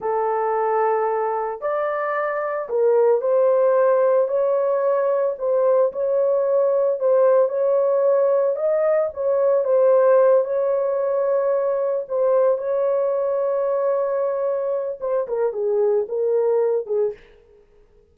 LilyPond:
\new Staff \with { instrumentName = "horn" } { \time 4/4 \tempo 4 = 112 a'2. d''4~ | d''4 ais'4 c''2 | cis''2 c''4 cis''4~ | cis''4 c''4 cis''2 |
dis''4 cis''4 c''4. cis''8~ | cis''2~ cis''8 c''4 cis''8~ | cis''1 | c''8 ais'8 gis'4 ais'4. gis'8 | }